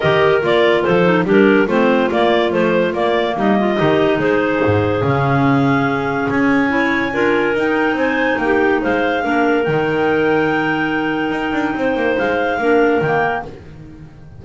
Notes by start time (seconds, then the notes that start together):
0.00 D#3 G4 A#4 D#5
0.41 A#3 F4 D5
0.83 F3 A4 C5
1.04 D#4
1.24 G3 D4 G4
1.31 A#4
1.66 A3 C4 F4 C5
2.11 A#3 D5
2.49 F3 A3 C5
2.93 A#3 D5
3.36 G3 D#4 D#5
3.59 F4
3.75 D#3 D#4 G4
4.18 G#3 G#4 C5
4.65 G#2
5.01 C#3 C#4
5.08 F5
6.30 C#4 G#5
6.68 E4 C#5
7.12 D4 F4 A#4
7.54 D#4 G5
7.92 C4 C5 G#5
8.38 A#3 G5
8.44 G4
8.81 G#3 C5 F5
9.21 A#3 D4 A#4
9.64 D#3 D#4 G5
11.30 D#4
11.52 D4
11.74 C4 C5
11.95 A#3
12.18 G#3 F5
12.58 A#3 D4 A#4
13.01 D#3 A#3 G5